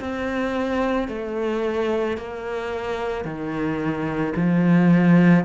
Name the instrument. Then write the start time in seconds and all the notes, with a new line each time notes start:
cello
0.00 C4
1.09 A3
2.18 A#3
3.25 D#3
4.36 F3